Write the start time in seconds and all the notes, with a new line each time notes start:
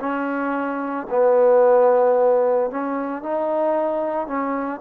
0.00 C#4
1.10 B3
2.71 C#4
3.22 D#4
4.27 C#4